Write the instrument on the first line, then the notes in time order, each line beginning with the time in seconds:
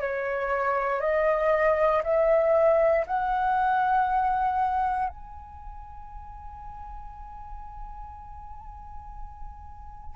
flute
0.00 C#5
1.00 D#5
2.04 E5
3.07 F#5
5.09 G#5